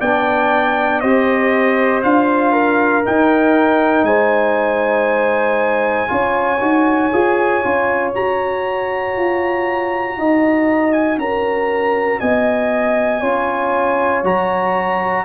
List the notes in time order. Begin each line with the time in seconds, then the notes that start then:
0.00 B3 D4 D5 G5
1.00 C4 G4 C5 D#5
2.03 D4 F4 F5
2.53 A#4
3.05 D#4 G5
4.03 G#3 C5 G#5
6.08 C#4 F4 C#5
6.61 D#4 F#4
7.12 F4 G#4
7.63 C#4 F4
8.14 F#4 A#5
9.17 F4
10.18 D#4 D#5
10.93 G#5
11.18 C#4 A#4 A#5
12.20 B3 D#5 G#5
13.21 C#4 F4 C#5
14.24 F#3 F#4 A#5